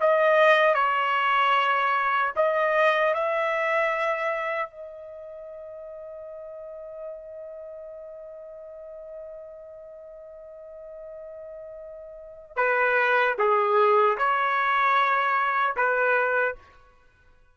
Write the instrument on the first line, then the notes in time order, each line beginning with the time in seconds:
trumpet
0.00 D#5
0.74 C#5
2.35 D#5
3.14 E5
4.70 D#5
12.56 B4
13.38 G#4
14.17 C#5
15.76 B4